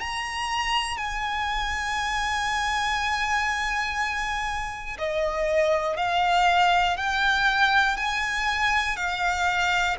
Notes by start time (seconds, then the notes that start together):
0.00 A#5
0.98 G#5
4.99 D#5
5.97 F5
6.97 G5
7.97 G#5
8.96 F5